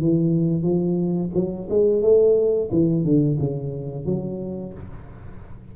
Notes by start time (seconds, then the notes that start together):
0.00 E3
0.63 F3
1.34 F#3
1.69 G#3
2.02 A3
2.71 E3
3.04 D3
3.39 C#3
4.05 F#3